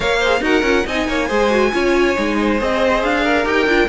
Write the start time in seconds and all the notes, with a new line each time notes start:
0.00 A#3 A#4 C#5 F5
0.19 G#4 C5
0.40 D#4 F#4 A#4 F#5
0.62 C#4 F4
0.86 C4 D#4 D#5 G#5
1.08 A#3 C#5
1.27 G#3 G#4 C5
1.50 F#4
1.72 C#4 F4 C#5
2.15 G#3 D#4
2.40 C5
2.58 C4 G#4 D#5
3.03 D4 F5
3.23 A#4
3.44 D#4 G4 G5
3.66 D4 F4